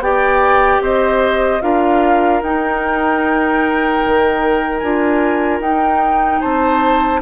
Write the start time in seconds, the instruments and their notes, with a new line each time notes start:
0.00 bassoon B3, clarinet G4, oboe D5, flute G5
0.81 bassoon C4, oboe C5, flute D#5
1.62 bassoon D4, clarinet F4, oboe A#4, flute F5
2.42 bassoon D#4, clarinet D#4, flute G5
4.06 bassoon D#3
4.79 bassoon D4, clarinet F4, flute G#5
5.60 bassoon D#4, clarinet D#4, flute G5
6.41 bassoon C4, oboe C5, flute A5